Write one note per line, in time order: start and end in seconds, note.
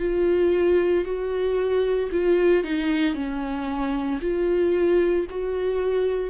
0.00 1.05 F4
1.05 2.10 F#4
2.12 2.64 F4
2.64 3.15 D#4
3.15 4.20 C#4
4.22 5.27 F4
5.30 6.30 F#4